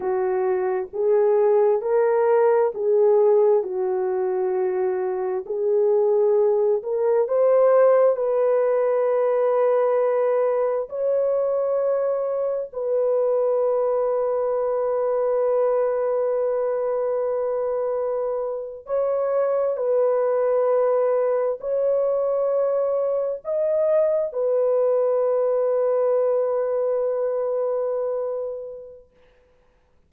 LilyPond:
\new Staff \with { instrumentName = "horn" } { \time 4/4 \tempo 4 = 66 fis'4 gis'4 ais'4 gis'4 | fis'2 gis'4. ais'8 | c''4 b'2. | cis''2 b'2~ |
b'1~ | b'8. cis''4 b'2 cis''16~ | cis''4.~ cis''16 dis''4 b'4~ b'16~ | b'1 | }